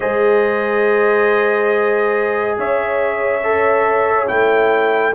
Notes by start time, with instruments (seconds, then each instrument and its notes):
0.00 tuba G#3, trombone G#4, horn C5, trumpet D#5
2.57 tuba C#4, horn C#5, trumpet E5
3.43 trombone A4
4.27 tuba A3, trombone E4, trumpet G5